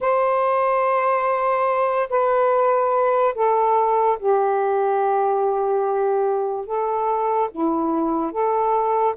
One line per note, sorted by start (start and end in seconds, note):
0.00 2.09 C5
2.09 3.34 B4
3.34 4.17 A4
4.19 6.66 G4
6.66 7.49 A4
7.51 8.31 E4
8.31 9.14 A4